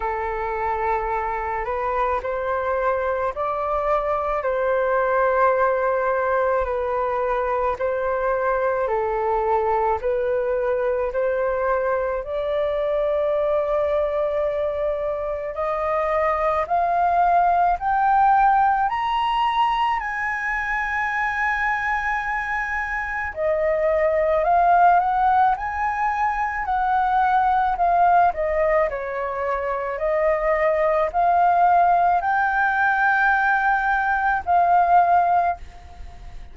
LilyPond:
\new Staff \with { instrumentName = "flute" } { \time 4/4 \tempo 4 = 54 a'4. b'8 c''4 d''4 | c''2 b'4 c''4 | a'4 b'4 c''4 d''4~ | d''2 dis''4 f''4 |
g''4 ais''4 gis''2~ | gis''4 dis''4 f''8 fis''8 gis''4 | fis''4 f''8 dis''8 cis''4 dis''4 | f''4 g''2 f''4 | }